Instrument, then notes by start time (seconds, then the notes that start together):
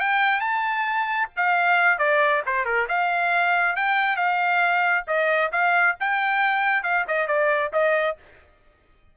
trumpet
0.00 G5
0.40 A5
1.37 F5
1.98 D5
2.46 C5
2.65 A#4
2.88 F5
3.76 G5
4.16 F5
5.07 D#5
5.52 F5
6.00 G5
6.83 F5
7.08 D#5
7.27 D5
7.73 D#5